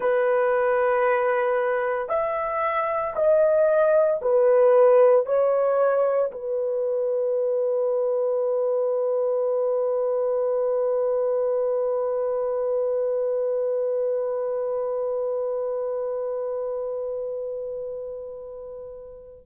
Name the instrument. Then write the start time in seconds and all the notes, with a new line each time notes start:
horn
0.00 B4
2.08 E5
3.15 D#5
4.21 B4
5.25 C#5
6.32 B4